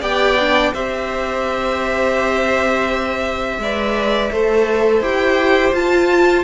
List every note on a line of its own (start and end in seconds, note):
0.00 0.73 B3
0.00 0.37 G4
0.00 0.71 D5
0.00 0.74 G5
0.39 0.74 D4
0.73 3.58 C4
0.73 3.60 G4
0.73 3.59 C5
0.73 5.02 E5
3.58 4.29 G#3
3.58 4.32 B4
3.58 4.32 D5
4.32 5.00 A3
4.32 5.02 A4
4.32 6.44 C5
5.00 5.72 E4
5.00 5.73 G4
5.00 5.74 G5
5.72 6.44 F4
5.72 6.44 A5